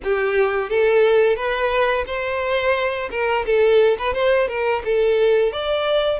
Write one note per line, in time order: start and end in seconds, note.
0.03 0.69 G4
0.69 1.36 A4
1.36 2.05 B4
2.06 3.09 C5
3.10 3.45 A#4
3.45 3.97 A4
3.98 4.13 B4
4.13 4.48 C5
4.48 4.82 A#4
4.84 5.52 A4
5.52 6.19 D5